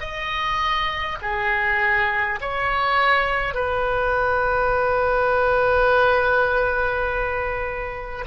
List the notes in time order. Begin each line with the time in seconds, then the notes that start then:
0.00 D#5
1.22 G#4
2.41 C#5
3.55 B4